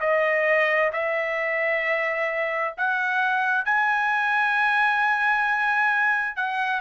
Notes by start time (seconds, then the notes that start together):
0.00 D#5
0.93 E5
2.77 F#5
3.65 G#5
6.36 F#5